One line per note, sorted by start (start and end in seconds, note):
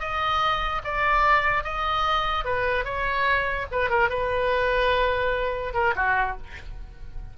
0.00 0.82 D#5
0.85 1.64 D5
1.64 2.45 D#5
2.45 2.85 B4
2.85 3.67 C#5
3.72 3.90 B4
3.90 4.10 A#4
4.10 5.74 B4
5.74 5.95 A#4
5.96 6.37 F#4